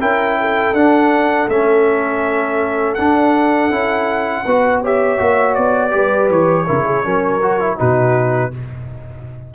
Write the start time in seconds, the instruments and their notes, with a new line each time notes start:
0.00 tuba C#4, trombone E4, horn A#4, trumpet G5
0.40 horn A4
0.73 tuba D4, trombone D4, trumpet F#5
1.48 tuba A3, trombone C#4, trumpet E5
2.94 tuba D4, trombone D4, trumpet F#5
3.70 tuba C#4, trombone E4
4.44 tuba B3, trombone F#4, horn B4
4.81 trombone G4, horn C#5, trumpet E5
5.17 tuba A#3, trombone F#4
5.55 tuba B3, trumpet D5
5.90 tuba G3, trombone G4, horn B4
6.29 tuba E3, trumpet C#5
6.66 tuba C#3, trombone E4, horn A#4
6.85 horn G#4
7.03 tuba F#3, trombone C#4, horn A#4
7.42 trombone F#4
7.60 trombone E4
7.77 tuba B2, trombone D#4, horn F#4, trumpet B4